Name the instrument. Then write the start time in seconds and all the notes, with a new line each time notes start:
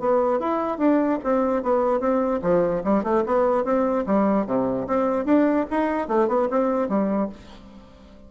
bassoon
0.00 B3
0.40 E4
0.78 D4
1.24 C4
1.63 B3
2.00 C4
2.42 F3
2.84 G3
3.04 A3
3.26 B3
3.65 C4
4.07 G3
4.46 C3
4.87 C4
5.26 D4
5.71 D#4
6.08 A3
6.28 B3
6.51 C4
6.89 G3